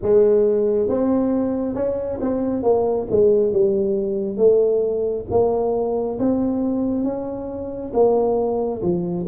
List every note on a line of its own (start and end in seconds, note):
0.02 0.88 G#3
0.88 1.74 C4
1.74 2.19 C#4
2.20 2.62 C4
2.62 3.06 A#3
3.10 3.52 G#3
3.52 4.37 G3
4.37 5.25 A3
5.30 6.18 A#3
6.19 7.03 C4
7.03 7.92 C#4
7.93 8.81 A#3
8.82 9.26 F3